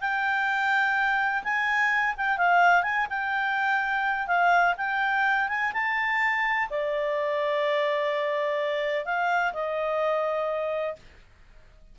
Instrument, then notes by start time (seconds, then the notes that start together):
clarinet
0.00 G5
1.43 G#5
2.16 G5
2.37 F5
2.82 G#5
3.09 G5
4.27 F5
4.77 G5
5.48 G#5
5.73 A5
6.70 D5
9.05 F5
9.53 D#5